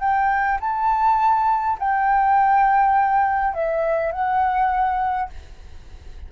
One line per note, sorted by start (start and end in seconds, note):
0.00 0.59 G5
0.60 1.78 A5
1.79 3.53 G5
3.53 4.12 E5
4.12 5.29 F#5